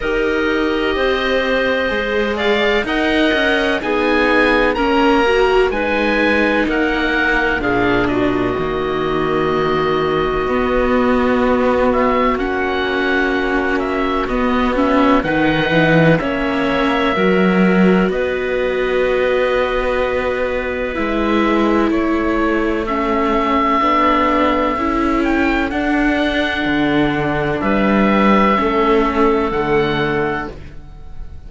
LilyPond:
<<
  \new Staff \with { instrumentName = "oboe" } { \time 4/4 \tempo 4 = 63 dis''2~ dis''8 f''8 fis''4 | gis''4 ais''4 gis''4 fis''4 | f''8 dis''2.~ dis''8~ | dis''8 e''8 fis''4. e''8 dis''8 e''8 |
fis''4 e''2 dis''4~ | dis''2 e''4 cis''4 | e''2~ e''8 g''8 fis''4~ | fis''4 e''2 fis''4 | }
  \new Staff \with { instrumentName = "clarinet" } { \time 4/4 ais'4 c''4. d''8 dis''4 | gis'4 ais'4 b'4 ais'4 | gis'8 fis'2.~ fis'8~ | fis'1 |
b'4 cis''4 ais'4 b'4~ | b'2. a'4~ | a'1~ | a'4 b'4 a'2 | }
  \new Staff \with { instrumentName = "viola" } { \time 4/4 g'2 gis'4 ais'4 | dis'4 cis'8 fis'8 dis'2 | d'4 ais2 b4~ | b4 cis'2 b8 cis'8 |
dis'4 cis'4 fis'2~ | fis'2 e'2 | cis'4 d'4 e'4 d'4~ | d'2 cis'4 a4 | }
  \new Staff \with { instrumentName = "cello" } { \time 4/4 dis'4 c'4 gis4 dis'8 cis'8 | b4 ais4 gis4 ais4 | ais,4 dis2 b4~ | b4 ais2 b4 |
dis8 e8 ais4 fis4 b4~ | b2 gis4 a4~ | a4 b4 cis'4 d'4 | d4 g4 a4 d4 | }
>>